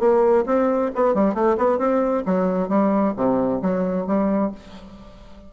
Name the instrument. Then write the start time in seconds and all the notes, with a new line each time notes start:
bassoon
0.00 A#3
0.46 C4
0.96 B3
1.15 G3
1.35 A3
1.58 B3
1.79 C4
2.26 F#3
2.69 G3
3.17 C3
3.62 F#3
4.07 G3